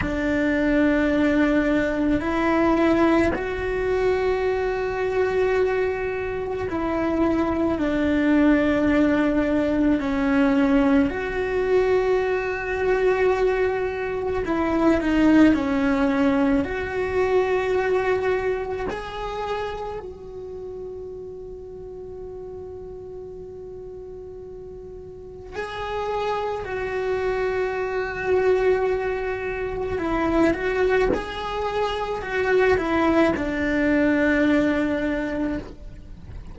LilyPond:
\new Staff \with { instrumentName = "cello" } { \time 4/4 \tempo 4 = 54 d'2 e'4 fis'4~ | fis'2 e'4 d'4~ | d'4 cis'4 fis'2~ | fis'4 e'8 dis'8 cis'4 fis'4~ |
fis'4 gis'4 fis'2~ | fis'2. gis'4 | fis'2. e'8 fis'8 | gis'4 fis'8 e'8 d'2 | }